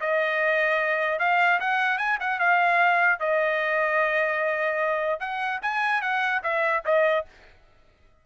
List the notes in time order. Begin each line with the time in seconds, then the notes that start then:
0.00 D#5
1.19 F5
1.60 F#5
1.98 G#5
2.20 F#5
2.39 F5
3.19 D#5
5.20 F#5
5.62 G#5
6.01 F#5
6.43 E5
6.85 D#5